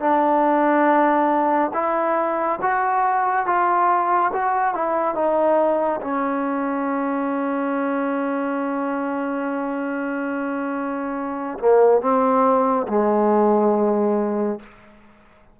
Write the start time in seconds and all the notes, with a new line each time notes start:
0.00 D4
1.73 E4
2.61 F#4
3.46 F4
4.33 F#4
4.74 E4
5.14 D#4
6.01 C#4
11.59 A#3
12.01 C4
12.88 G#3